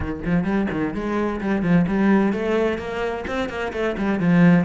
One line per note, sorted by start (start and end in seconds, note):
0.00 0.20 D#3
0.25 0.44 F3
0.44 0.67 G3
0.70 0.93 D#3
0.93 1.40 G#3
1.40 1.62 G3
1.62 1.85 F3
1.88 2.33 G3
2.33 2.78 A3
2.78 3.24 A#3
3.27 3.49 C4
3.49 3.72 A#3
3.72 3.96 A3
3.97 4.19 G3
4.19 4.64 F3